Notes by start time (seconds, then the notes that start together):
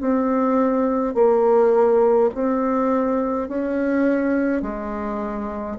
0.00 C4
1.14 A#3
2.34 C4
3.48 C#4
4.62 G#3